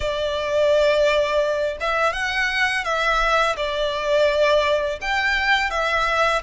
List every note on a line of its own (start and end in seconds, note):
0.00 1.77 D5
1.80 2.12 E5
2.12 2.84 F#5
2.84 3.56 E5
3.56 4.99 D5
5.01 5.70 G5
5.70 6.42 E5